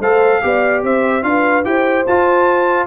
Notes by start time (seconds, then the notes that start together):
0.00 A3 A4 C5 F5
0.42 B3 G4 D5
0.83 C4 C5 E5
1.23 D4 F4 B4 F5
1.64 E4 G4 C5 G5
2.07 F4 A5